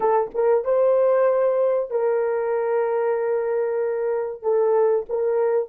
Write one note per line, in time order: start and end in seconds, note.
0.00 0.30 A4
0.34 0.64 A#4
0.64 1.90 C5
1.90 4.42 A#4
4.42 5.05 A4
5.09 5.68 A#4